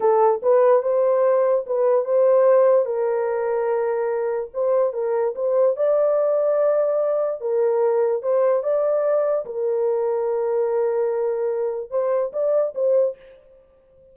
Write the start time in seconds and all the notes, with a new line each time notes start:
0.00 A4
0.42 B4
0.82 C5
1.66 B4
2.05 C5
2.85 A#4
4.53 C5
4.93 A#4
5.35 C5
5.76 D5
7.40 A#4
8.22 C5
8.63 D5
9.45 A#4
11.90 C5
12.33 D5
12.75 C5